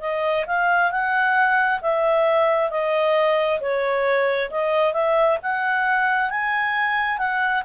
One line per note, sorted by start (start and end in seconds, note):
0.00 0.45 D#5
0.46 0.91 F5
0.91 1.80 F#5
1.81 2.70 E5
2.70 3.60 D#5
3.60 4.50 C#5
4.50 4.93 D#5
4.93 5.38 E5
5.42 6.30 F#5
6.30 7.18 G#5
7.18 7.62 F#5